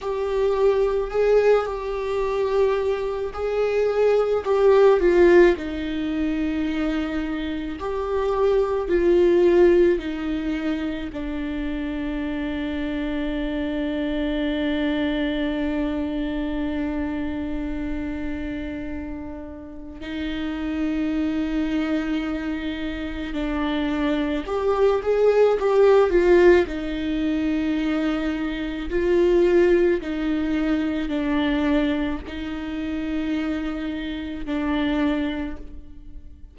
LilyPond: \new Staff \with { instrumentName = "viola" } { \time 4/4 \tempo 4 = 54 g'4 gis'8 g'4. gis'4 | g'8 f'8 dis'2 g'4 | f'4 dis'4 d'2~ | d'1~ |
d'2 dis'2~ | dis'4 d'4 g'8 gis'8 g'8 f'8 | dis'2 f'4 dis'4 | d'4 dis'2 d'4 | }